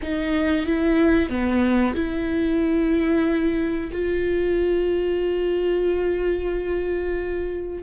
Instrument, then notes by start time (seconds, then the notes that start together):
viola
0.02 D#4
0.66 E4
1.29 B3
1.94 E4
3.92 F4